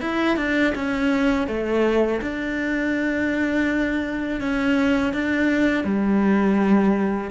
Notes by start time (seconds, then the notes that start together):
0.00 E4
0.36 D4
0.75 C#4
1.47 A3
2.21 D4
4.40 C#4
5.13 D4
5.84 G3